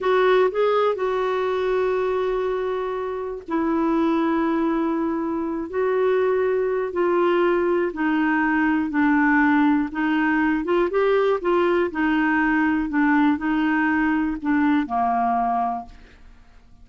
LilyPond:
\new Staff \with { instrumentName = "clarinet" } { \time 4/4 \tempo 4 = 121 fis'4 gis'4 fis'2~ | fis'2. e'4~ | e'2.~ e'8 fis'8~ | fis'2 f'2 |
dis'2 d'2 | dis'4. f'8 g'4 f'4 | dis'2 d'4 dis'4~ | dis'4 d'4 ais2 | }